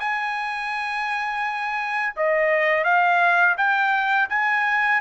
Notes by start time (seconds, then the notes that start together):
0.00 G#5
2.16 D#5
2.84 F5
3.57 G5
4.30 G#5